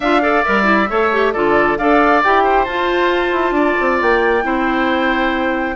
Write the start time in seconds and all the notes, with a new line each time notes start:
0.00 D4 F4 E5 F5
0.22 A4 D5
0.44 G3 A#4 E5
0.63 E4
0.89 A3 A4 C#5
1.12 G4
1.32 D3 F4 A4 D5
1.77 D4 A4 D5 F5
2.23 E4 G4 G5
2.43 C5
2.64 F4 A5
3.32 E4
3.51 D4 D5
3.80 C4
4.01 A#3 G5
4.42 C4 E4 C5